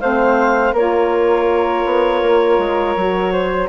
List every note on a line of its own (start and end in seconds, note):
0.00 0.73 A3
0.00 0.75 C4
0.00 0.73 C5
0.00 0.74 F5
0.73 1.84 A#3
0.73 2.96 F4
0.73 3.32 A#4
0.73 3.69 C#5
1.85 2.22 B3
2.22 2.58 A#3
2.58 2.95 G#3
2.96 3.69 F#3
2.96 3.69 F#4
3.32 3.69 C5